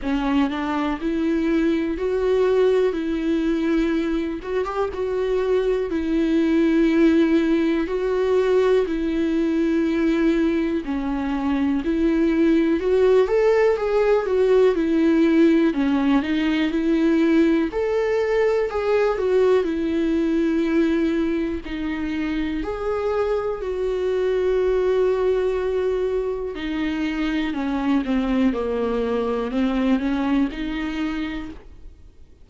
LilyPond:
\new Staff \with { instrumentName = "viola" } { \time 4/4 \tempo 4 = 61 cis'8 d'8 e'4 fis'4 e'4~ | e'8 fis'16 g'16 fis'4 e'2 | fis'4 e'2 cis'4 | e'4 fis'8 a'8 gis'8 fis'8 e'4 |
cis'8 dis'8 e'4 a'4 gis'8 fis'8 | e'2 dis'4 gis'4 | fis'2. dis'4 | cis'8 c'8 ais4 c'8 cis'8 dis'4 | }